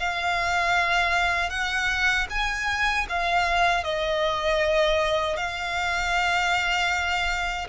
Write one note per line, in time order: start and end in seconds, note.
0.00 1.50 F5
1.50 2.27 F#5
2.30 3.07 G#5
3.09 3.84 F5
3.84 5.37 D#5
5.37 7.68 F5